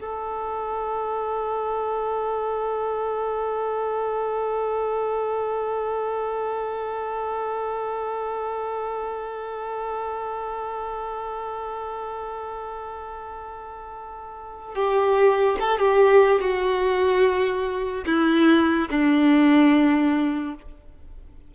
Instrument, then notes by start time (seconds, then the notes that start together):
violin
0.00 A4
14.75 G4
15.60 A4
15.79 G4
16.40 F#4
18.06 E4
18.90 D4